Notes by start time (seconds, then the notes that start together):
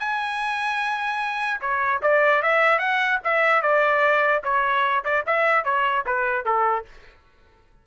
0.00 G#5
1.61 C#5
2.03 D5
2.43 E5
2.79 F#5
3.25 E5
3.62 D5
4.44 C#5
5.05 D5
5.27 E5
5.65 C#5
6.06 B4
6.46 A4